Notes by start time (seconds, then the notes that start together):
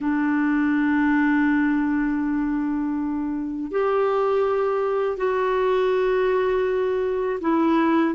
0.00 D4
3.71 G4
5.17 F#4
7.40 E4